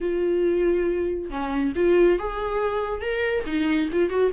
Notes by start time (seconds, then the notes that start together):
0.00 F4
1.29 C#4
1.75 F4
2.18 G#4
3.01 A#4
3.46 D#4
3.92 F4
4.09 F#4